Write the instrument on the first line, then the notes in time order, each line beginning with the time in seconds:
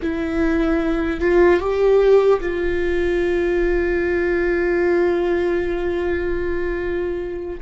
viola
0.01 E4
1.20 F4
1.60 G4
2.40 F4